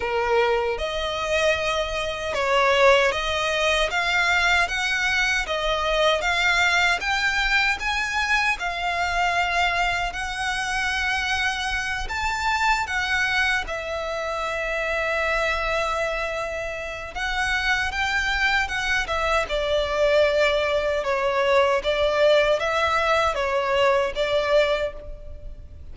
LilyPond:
\new Staff \with { instrumentName = "violin" } { \time 4/4 \tempo 4 = 77 ais'4 dis''2 cis''4 | dis''4 f''4 fis''4 dis''4 | f''4 g''4 gis''4 f''4~ | f''4 fis''2~ fis''8 a''8~ |
a''8 fis''4 e''2~ e''8~ | e''2 fis''4 g''4 | fis''8 e''8 d''2 cis''4 | d''4 e''4 cis''4 d''4 | }